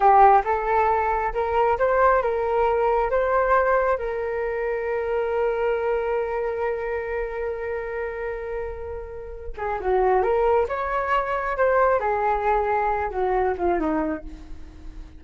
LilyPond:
\new Staff \with { instrumentName = "flute" } { \time 4/4 \tempo 4 = 135 g'4 a'2 ais'4 | c''4 ais'2 c''4~ | c''4 ais'2.~ | ais'1~ |
ais'1~ | ais'4. gis'8 fis'4 ais'4 | cis''2 c''4 gis'4~ | gis'4. fis'4 f'8 dis'4 | }